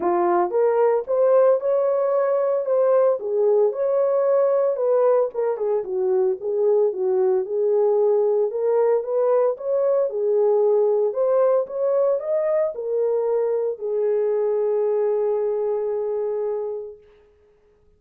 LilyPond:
\new Staff \with { instrumentName = "horn" } { \time 4/4 \tempo 4 = 113 f'4 ais'4 c''4 cis''4~ | cis''4 c''4 gis'4 cis''4~ | cis''4 b'4 ais'8 gis'8 fis'4 | gis'4 fis'4 gis'2 |
ais'4 b'4 cis''4 gis'4~ | gis'4 c''4 cis''4 dis''4 | ais'2 gis'2~ | gis'1 | }